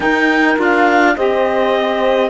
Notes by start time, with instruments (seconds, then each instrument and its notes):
0.00 saxophone D#4, cello D#4, horn A#4, clarinet G5
0.56 cello D4, saxophone F4, clarinet F5
1.15 cello C4, saxophone G4, horn C5, clarinet D#5